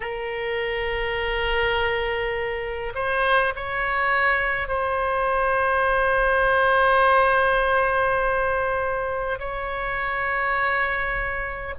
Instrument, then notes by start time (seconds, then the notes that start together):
oboe
0.00 A#4
2.94 C5
3.55 C#5
4.67 C5
9.39 C#5